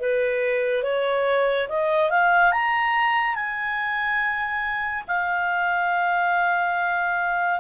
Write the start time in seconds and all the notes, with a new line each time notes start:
0.00 B4
0.83 C#5
1.69 D#5
2.10 F5
2.52 A#5
3.35 G#5
5.07 F5